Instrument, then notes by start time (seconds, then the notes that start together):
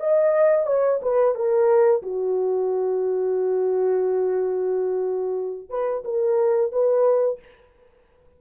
horn
0.00 D#5
0.66 C#5
1.02 B4
1.35 A#4
2.02 F#4
5.70 B4
6.05 A#4
6.72 B4